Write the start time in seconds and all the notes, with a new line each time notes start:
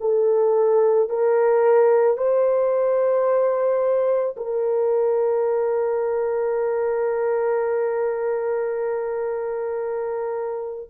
0.00 A4
1.09 A#4
2.17 C5
4.36 A#4